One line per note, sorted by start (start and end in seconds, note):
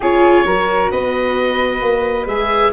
0.00 0.44 C#4
0.00 0.47 F4
0.00 0.44 G#4
0.00 0.91 C#5
0.44 0.90 F#3
0.44 2.29 F#4
0.44 0.91 A#4
0.91 1.81 B3
0.91 2.72 B4
0.91 2.27 D#5
1.81 2.26 A#3
2.26 2.71 G#3
2.26 2.72 G#4
2.26 2.72 E5